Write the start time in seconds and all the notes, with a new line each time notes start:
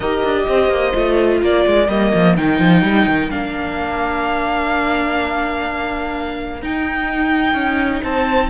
0.00 D#4 G4 A#4 D#5
0.24 D4
0.48 C4 C5
0.69 A#3
0.93 A3 F4
1.42 A#3 A#4 D5
1.66 G#3
1.88 G3 A#3 D#5
2.14 F3
2.36 D#3 D#4 G5
2.59 F3
2.82 G3
3.06 D#3
3.30 A#3 D4 F5
6.62 D#4 G5
7.53 C#4
8.02 C4 C5 A5